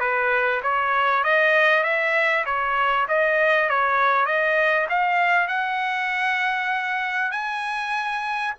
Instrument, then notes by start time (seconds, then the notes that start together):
trumpet
0.00 B4
0.63 C#5
1.24 D#5
1.84 E5
2.46 C#5
3.09 D#5
3.70 C#5
4.26 D#5
4.90 F5
5.48 F#5
7.32 G#5